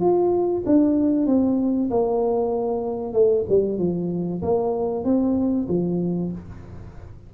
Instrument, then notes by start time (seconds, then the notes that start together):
tuba
0.00 F4
0.66 D4
1.26 C4
1.90 A#3
3.13 A3
3.49 G3
3.78 F3
4.42 A#3
5.04 C4
5.68 F3